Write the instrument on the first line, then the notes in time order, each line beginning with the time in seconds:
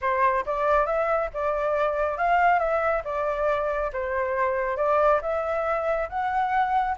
flute
0.01 C5
0.45 D5
0.86 E5
1.33 D5
2.17 F5
2.59 E5
3.04 D5
3.92 C5
4.76 D5
5.21 E5
6.09 F#5